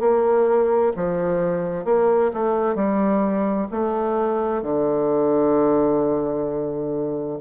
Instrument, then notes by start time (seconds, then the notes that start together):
bassoon
0.00 A#3
0.96 F3
1.85 A#3
2.33 A3
2.75 G3
3.71 A3
4.62 D3